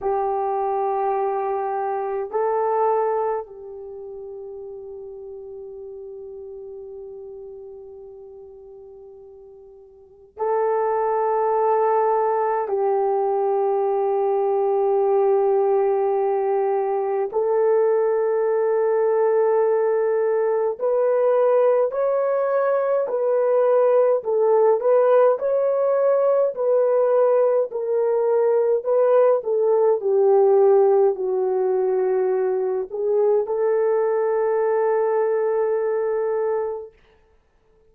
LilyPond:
\new Staff \with { instrumentName = "horn" } { \time 4/4 \tempo 4 = 52 g'2 a'4 g'4~ | g'1~ | g'4 a'2 g'4~ | g'2. a'4~ |
a'2 b'4 cis''4 | b'4 a'8 b'8 cis''4 b'4 | ais'4 b'8 a'8 g'4 fis'4~ | fis'8 gis'8 a'2. | }